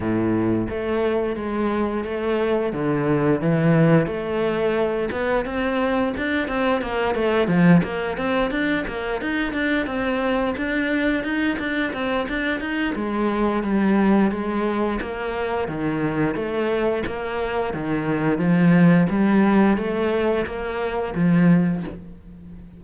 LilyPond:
\new Staff \with { instrumentName = "cello" } { \time 4/4 \tempo 4 = 88 a,4 a4 gis4 a4 | d4 e4 a4. b8 | c'4 d'8 c'8 ais8 a8 f8 ais8 | c'8 d'8 ais8 dis'8 d'8 c'4 d'8~ |
d'8 dis'8 d'8 c'8 d'8 dis'8 gis4 | g4 gis4 ais4 dis4 | a4 ais4 dis4 f4 | g4 a4 ais4 f4 | }